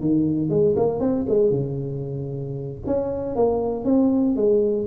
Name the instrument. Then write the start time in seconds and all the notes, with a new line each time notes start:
tuba
0.00 D#3
0.49 G#3
0.76 A#3
1.00 C4
1.29 G#3
1.50 C#3
2.86 C#4
3.35 A#3
3.84 C4
4.36 G#3